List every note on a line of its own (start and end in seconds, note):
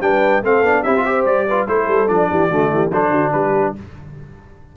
0.00 0.41 G3
0.00 0.42 D4
0.00 0.44 B4
0.00 0.42 G5
0.42 0.62 A3
0.42 0.64 C4
0.42 0.83 A4
0.42 0.82 F5
0.62 0.82 B3
0.62 0.85 D4
0.82 1.25 C4
0.82 0.95 E4
0.82 1.04 G4
0.82 1.24 E5
0.96 1.05 F4
1.05 1.47 G4
1.05 1.47 C5
1.25 1.66 G3
1.25 1.67 D5
1.47 1.67 F4
1.47 1.67 B4
1.67 1.87 A3
1.67 2.07 E4
1.67 2.30 A4
1.67 2.07 C5
1.87 2.08 G3
2.07 2.30 F3
2.07 2.49 D4
2.07 2.90 D5
2.30 2.50 E3
2.30 2.49 G4
2.49 2.71 D3
2.49 2.91 A3
2.49 2.70 F#4
2.71 2.90 E3
2.71 2.91 G4
2.90 3.10 F#3
2.90 3.75 D4
2.90 3.11 A4
2.90 3.32 C5
3.10 3.30 D3
3.10 3.31 F#4
3.32 3.75 G3
3.32 3.76 G4
3.32 3.73 B4